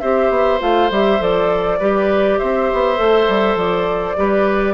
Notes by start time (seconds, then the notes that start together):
0.00 C4 G4 C5 E5
0.30 B3
0.60 A3 F4 F5
0.90 G3 G4 E5
1.19 F3 A4 D5
1.79 G3 G4 B4
2.38 C4 C5 E5
2.73 B3
2.96 A3 A4
3.28 G3
3.55 F3 D5
4.16 G3 G4 B4